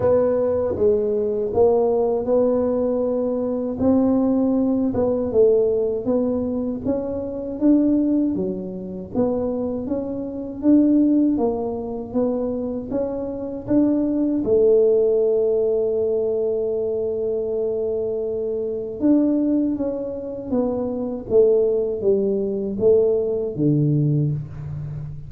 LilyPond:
\new Staff \with { instrumentName = "tuba" } { \time 4/4 \tempo 4 = 79 b4 gis4 ais4 b4~ | b4 c'4. b8 a4 | b4 cis'4 d'4 fis4 | b4 cis'4 d'4 ais4 |
b4 cis'4 d'4 a4~ | a1~ | a4 d'4 cis'4 b4 | a4 g4 a4 d4 | }